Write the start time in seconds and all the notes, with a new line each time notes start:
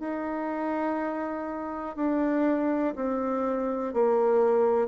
0.00 D#4
1.96 D4
2.96 C4
3.94 A#3